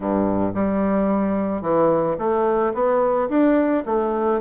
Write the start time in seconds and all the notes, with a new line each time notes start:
0.00 G2
0.54 G3
1.61 E3
2.18 A3
2.74 B3
3.29 D4
3.86 A3